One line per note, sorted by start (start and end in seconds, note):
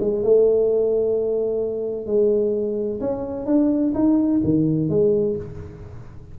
0.00 0.23 G#3
0.23 2.06 A3
2.06 3.00 G#3
3.01 3.46 C#4
3.46 3.93 D4
3.95 4.41 D#4
4.44 4.89 D#3
4.89 5.36 G#3